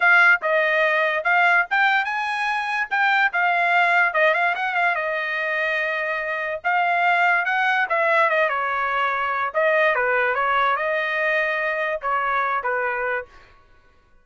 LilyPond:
\new Staff \with { instrumentName = "trumpet" } { \time 4/4 \tempo 4 = 145 f''4 dis''2 f''4 | g''4 gis''2 g''4 | f''2 dis''8 f''8 fis''8 f''8 | dis''1 |
f''2 fis''4 e''4 | dis''8 cis''2~ cis''8 dis''4 | b'4 cis''4 dis''2~ | dis''4 cis''4. b'4. | }